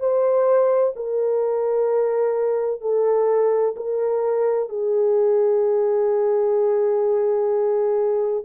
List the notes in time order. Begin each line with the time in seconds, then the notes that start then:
0.00 C5
0.96 A#4
2.82 A4
3.76 A#4
4.69 G#4